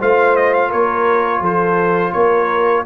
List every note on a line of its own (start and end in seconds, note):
0.00 0.73 A3
0.00 2.86 F4
0.00 0.69 C5
0.00 0.36 F5
0.36 0.54 D#5
0.54 0.72 F5
0.69 1.41 A#3
0.69 1.41 A#4
0.69 1.44 C#5
1.41 2.12 F3
1.41 2.13 A4
1.41 2.13 C5
2.13 2.86 A#3
2.13 2.86 A#4
2.13 2.84 C#5